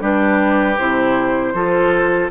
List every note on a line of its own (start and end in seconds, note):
0.00 0.77 G3
0.00 0.76 D4
0.00 1.53 G4
0.00 0.78 B4
0.78 1.53 C3
0.78 1.55 E4
0.78 2.30 C5
1.53 2.29 F3
1.53 2.31 F4
1.53 2.31 A4